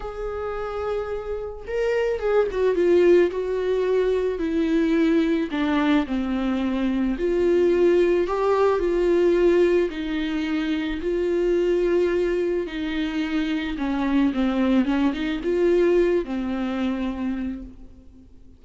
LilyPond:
\new Staff \with { instrumentName = "viola" } { \time 4/4 \tempo 4 = 109 gis'2. ais'4 | gis'8 fis'8 f'4 fis'2 | e'2 d'4 c'4~ | c'4 f'2 g'4 |
f'2 dis'2 | f'2. dis'4~ | dis'4 cis'4 c'4 cis'8 dis'8 | f'4. c'2~ c'8 | }